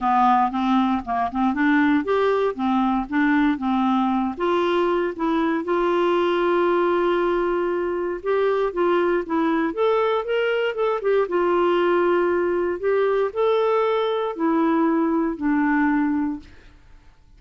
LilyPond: \new Staff \with { instrumentName = "clarinet" } { \time 4/4 \tempo 4 = 117 b4 c'4 ais8 c'8 d'4 | g'4 c'4 d'4 c'4~ | c'8 f'4. e'4 f'4~ | f'1 |
g'4 f'4 e'4 a'4 | ais'4 a'8 g'8 f'2~ | f'4 g'4 a'2 | e'2 d'2 | }